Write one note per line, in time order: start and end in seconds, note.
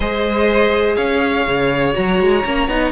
0.00 0.96 G#3
0.00 1.93 G#4
0.00 0.96 C5
0.00 0.96 D#5
0.96 1.46 C#4
0.96 2.91 C#5
0.96 1.93 F5
1.47 1.96 C#3
1.93 2.20 F#3
1.93 2.42 F#4
1.93 2.91 A#5
2.20 2.44 G#3
2.44 2.67 A#3
2.44 2.69 C#4
2.67 2.91 B3
2.67 2.91 D#4